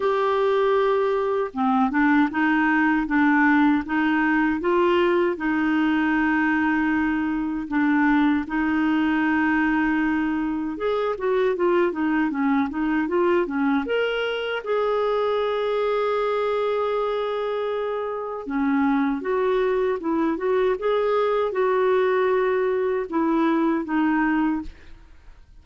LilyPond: \new Staff \with { instrumentName = "clarinet" } { \time 4/4 \tempo 4 = 78 g'2 c'8 d'8 dis'4 | d'4 dis'4 f'4 dis'4~ | dis'2 d'4 dis'4~ | dis'2 gis'8 fis'8 f'8 dis'8 |
cis'8 dis'8 f'8 cis'8 ais'4 gis'4~ | gis'1 | cis'4 fis'4 e'8 fis'8 gis'4 | fis'2 e'4 dis'4 | }